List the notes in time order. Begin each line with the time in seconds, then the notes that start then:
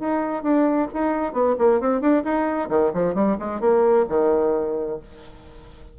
0.00 D#4
0.43 D4
0.94 D#4
1.33 B3
1.59 A#3
1.81 C4
2.01 D4
2.24 D#4
2.70 D#3
2.94 F3
3.15 G3
3.40 G#3
3.61 A#3
4.09 D#3